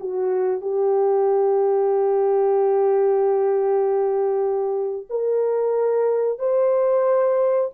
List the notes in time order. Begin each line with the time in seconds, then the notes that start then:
0.00 F#4
0.61 G4
5.10 A#4
6.39 C5